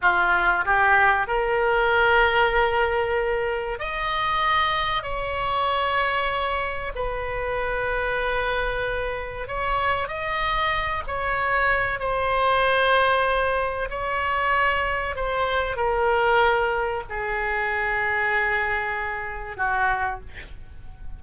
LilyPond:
\new Staff \with { instrumentName = "oboe" } { \time 4/4 \tempo 4 = 95 f'4 g'4 ais'2~ | ais'2 dis''2 | cis''2. b'4~ | b'2. cis''4 |
dis''4. cis''4. c''4~ | c''2 cis''2 | c''4 ais'2 gis'4~ | gis'2. fis'4 | }